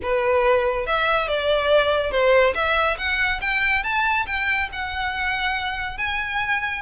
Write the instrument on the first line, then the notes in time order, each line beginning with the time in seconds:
violin
0.02 B4
0.86 E5
1.28 D5
2.11 C5
2.54 E5
2.98 F#5
3.41 G5
3.83 A5
4.26 G5
4.72 F#5
5.97 G#5